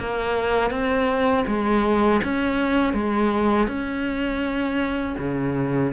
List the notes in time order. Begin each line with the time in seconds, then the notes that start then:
0.00 A#3
0.71 C4
1.47 G#3
2.24 C#4
2.94 G#3
3.67 C#4
5.19 C#3